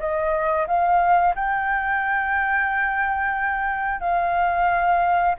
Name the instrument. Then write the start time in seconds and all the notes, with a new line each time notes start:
flute
0.00 D#5
0.68 F5
1.35 G5
4.01 F5